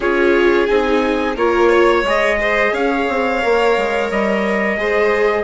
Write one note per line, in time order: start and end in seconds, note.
0.00 0.68 C#4
0.00 0.68 F4
0.00 1.35 G#4
0.00 0.66 C#5
0.66 1.36 C4
0.66 1.36 D#4
0.66 1.34 G#5
1.35 2.03 A#3
1.35 2.05 F4
1.35 1.69 A#4
1.35 2.06 C#5
1.69 2.37 C#5
2.03 2.71 G#3
2.03 3.41 G#4
2.03 2.74 D#5
2.40 2.73 C5
2.72 3.06 C#4
2.72 4.77 C#5
2.72 4.10 F5
3.08 3.42 C4
3.41 3.77 A#3
3.41 4.77 A#4
3.77 4.10 G#3
4.10 4.77 G3
4.10 5.43 D#5
4.77 5.43 G#3
4.77 5.43 G#4
4.77 5.43 C5